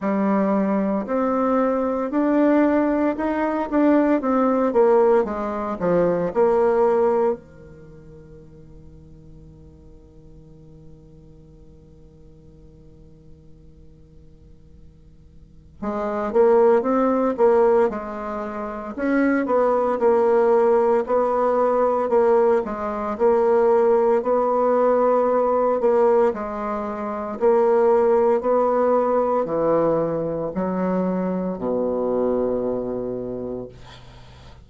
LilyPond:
\new Staff \with { instrumentName = "bassoon" } { \time 4/4 \tempo 4 = 57 g4 c'4 d'4 dis'8 d'8 | c'8 ais8 gis8 f8 ais4 dis4~ | dis1~ | dis2. gis8 ais8 |
c'8 ais8 gis4 cis'8 b8 ais4 | b4 ais8 gis8 ais4 b4~ | b8 ais8 gis4 ais4 b4 | e4 fis4 b,2 | }